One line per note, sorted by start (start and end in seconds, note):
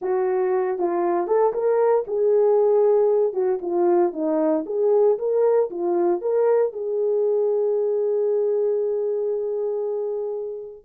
0.01 0.78 F#4
0.78 1.27 F4
1.27 1.53 A4
1.53 2.05 A#4
2.07 3.33 G#4
3.33 3.59 F#4
3.61 4.12 F4
4.12 4.64 D#4
4.66 5.17 G#4
5.18 5.70 A#4
5.70 6.21 F4
6.21 6.72 A#4
6.72 10.84 G#4